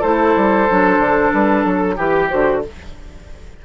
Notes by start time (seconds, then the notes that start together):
0.00 A3 E4 A4 C5
0.36 G3
0.68 F#3 D4
0.98 D3
1.33 G3 B4
1.64 F#3 A4
1.96 E3 G4 B4
2.29 D3 F#4 C5